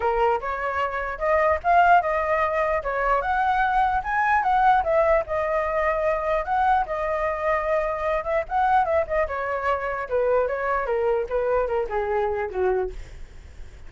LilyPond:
\new Staff \with { instrumentName = "flute" } { \time 4/4 \tempo 4 = 149 ais'4 cis''2 dis''4 | f''4 dis''2 cis''4 | fis''2 gis''4 fis''4 | e''4 dis''2. |
fis''4 dis''2.~ | dis''8 e''8 fis''4 e''8 dis''8 cis''4~ | cis''4 b'4 cis''4 ais'4 | b'4 ais'8 gis'4. fis'4 | }